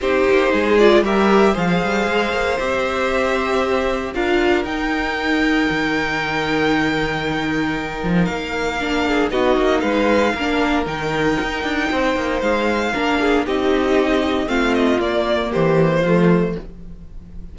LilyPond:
<<
  \new Staff \with { instrumentName = "violin" } { \time 4/4 \tempo 4 = 116 c''4. d''8 e''4 f''4~ | f''4 e''2. | f''4 g''2.~ | g''1 |
f''2 dis''4 f''4~ | f''4 g''2. | f''2 dis''2 | f''8 dis''8 d''4 c''2 | }
  \new Staff \with { instrumentName = "violin" } { \time 4/4 g'4 gis'4 ais'4 c''4~ | c''1 | ais'1~ | ais'1~ |
ais'4. gis'8 fis'4 b'4 | ais'2. c''4~ | c''4 ais'8 gis'8 g'2 | f'2 g'4 f'4 | }
  \new Staff \with { instrumentName = "viola" } { \time 4/4 dis'4. f'8 g'4 gis'4~ | gis'4 g'2. | f'4 dis'2.~ | dis'1~ |
dis'4 d'4 dis'2 | d'4 dis'2.~ | dis'4 d'4 dis'2 | c'4 ais2 a4 | }
  \new Staff \with { instrumentName = "cello" } { \time 4/4 c'8 ais8 gis4 g4 f8 g8 | gis8 ais8 c'2. | d'4 dis'2 dis4~ | dis2.~ dis8 f8 |
ais2 b8 ais8 gis4 | ais4 dis4 dis'8 d'8 c'8 ais8 | gis4 ais4 c'2 | a4 ais4 e4 f4 | }
>>